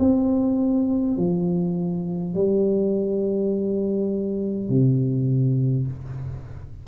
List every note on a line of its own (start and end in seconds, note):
0.00 1.18 C4
1.18 2.35 F3
2.35 4.70 G3
4.70 5.87 C3